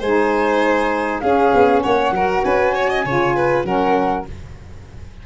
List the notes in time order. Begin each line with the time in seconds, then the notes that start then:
0.00 G#3 D#4 C5 G#5
1.20 C#4 G#4 F5
1.54 B3
1.82 A#3 C#5 F#5
2.11 F#3 F#4 A#4
2.43 C#4 B4 G#5
2.74 C#5
2.90 D#5
3.05 C#3 F4 C#5
3.36 B4
3.65 F#3 C#4 A#4 F#5